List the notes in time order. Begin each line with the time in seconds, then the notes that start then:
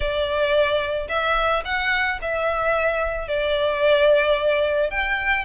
0.00 D5
1.08 E5
1.64 F#5
2.21 E5
3.28 D5
4.90 G5